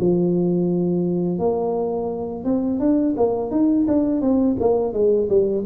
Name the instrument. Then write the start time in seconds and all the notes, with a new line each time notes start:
tuba
0.00 F3
1.39 A#3
2.44 C4
2.79 D4
3.17 A#3
3.51 D#4
3.88 D4
4.21 C4
4.60 A#3
4.93 G#3
5.29 G3